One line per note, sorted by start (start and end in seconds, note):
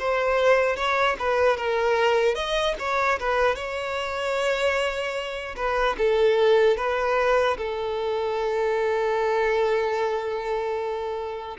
0.00 0.76 C5
0.76 1.16 C#5
1.19 1.57 B4
1.57 2.36 A#4
2.36 2.76 D#5
2.79 3.19 C#5
3.20 3.56 B4
3.56 5.56 C#5
5.56 5.96 B4
5.98 6.77 A4
6.77 7.57 B4
7.58 11.58 A4